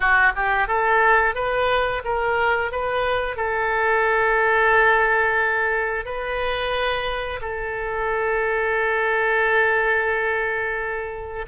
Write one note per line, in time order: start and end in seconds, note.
0.00 0.32 F#4
0.35 0.67 G4
0.67 1.35 A4
1.35 2.02 B4
2.04 2.72 A#4
2.72 3.36 B4
3.36 6.05 A4
6.05 7.40 B4
7.41 11.45 A4